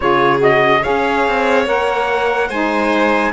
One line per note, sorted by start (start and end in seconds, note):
0.00 0.84 C#3
0.00 0.38 F4
0.00 0.81 G#4
0.00 0.40 C#5
0.38 0.80 F#4
0.38 0.83 D#5
0.81 1.66 G#4
0.81 2.48 C#5
0.81 1.66 F5
0.88 1.27 C#4
1.27 1.66 C4
1.66 2.49 A#3
1.66 2.49 A#4
1.66 2.49 F#5
2.48 3.32 G#3
2.48 3.32 D#4
2.48 3.31 C5
2.48 3.32 G#5